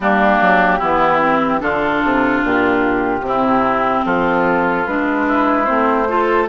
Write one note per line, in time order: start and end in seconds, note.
0.00 0.40 G3
0.00 0.81 A#3
0.00 0.78 D4
0.00 1.60 G4
0.40 0.80 F#3
0.78 1.61 E3
0.78 1.19 B3
0.78 1.59 E4
1.19 1.59 C4
1.59 2.02 D3
1.59 3.22 D4
1.59 3.25 F4
1.59 2.41 A4
2.03 2.43 C3
2.43 3.21 A#2
2.43 4.05 G4
3.21 4.02 C3
3.21 4.84 C4
3.27 4.05 E4
4.05 4.86 F3
4.05 5.27 F4
4.05 4.86 A4
4.86 5.68 G#3
4.86 5.65 D4
4.86 5.65 B4
5.27 6.08 E4
5.65 6.48 A3
5.65 6.06 C4
5.65 6.46 C5
6.07 6.48 F4
6.07 6.48 A4